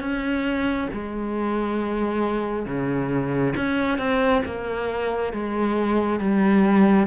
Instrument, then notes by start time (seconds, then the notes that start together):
cello
0.00 C#4
0.93 G#3
2.66 C#3
3.56 C#4
3.98 C4
4.45 A#3
5.33 G#3
6.20 G3